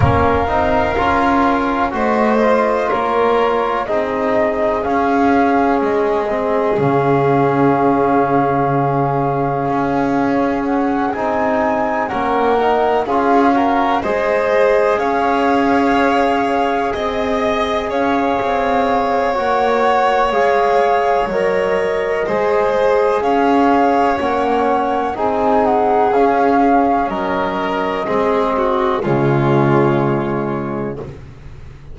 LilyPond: <<
  \new Staff \with { instrumentName = "flute" } { \time 4/4 \tempo 4 = 62 f''2 dis''4 cis''4 | dis''4 f''4 dis''4 f''4~ | f''2. fis''8 gis''8~ | gis''8 fis''4 f''4 dis''4 f''8~ |
f''4. dis''4 f''4. | fis''4 f''4 dis''2 | f''4 fis''4 gis''8 fis''8 f''4 | dis''2 cis''2 | }
  \new Staff \with { instrumentName = "violin" } { \time 4/4 ais'2 c''4 ais'4 | gis'1~ | gis'1~ | gis'8 ais'4 gis'8 ais'8 c''4 cis''8~ |
cis''4. dis''4 cis''4.~ | cis''2. c''4 | cis''2 gis'2 | ais'4 gis'8 fis'8 f'2 | }
  \new Staff \with { instrumentName = "trombone" } { \time 4/4 cis'8 dis'8 f'4 fis'8 f'4. | dis'4 cis'4. c'8 cis'4~ | cis'2.~ cis'8 dis'8~ | dis'8 cis'8 dis'8 f'8 fis'8 gis'4.~ |
gis'1 | fis'4 gis'4 ais'4 gis'4~ | gis'4 cis'4 dis'4 cis'4~ | cis'4 c'4 gis2 | }
  \new Staff \with { instrumentName = "double bass" } { \time 4/4 ais8 c'8 cis'4 a4 ais4 | c'4 cis'4 gis4 cis4~ | cis2 cis'4. c'8~ | c'8 ais4 cis'4 gis4 cis'8~ |
cis'4. c'4 cis'8 c'4 | ais4 gis4 fis4 gis4 | cis'4 ais4 c'4 cis'4 | fis4 gis4 cis2 | }
>>